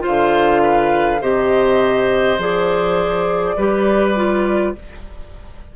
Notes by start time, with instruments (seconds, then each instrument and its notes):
0.00 clarinet F4, oboe C5
0.07 bassoon D3, flute F5
0.63 oboe B4
1.21 bassoon C3, clarinet G4, oboe C5, flute D#5
2.38 bassoon F3, clarinet G#4, flute D5
3.57 bassoon G3, clarinet G4, oboe B4
4.16 clarinet F4